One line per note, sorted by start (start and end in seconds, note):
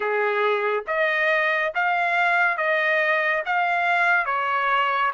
0.00 0.84 G#4
0.86 1.72 D#5
1.75 2.57 F5
2.57 3.43 D#5
3.45 4.25 F5
4.25 5.11 C#5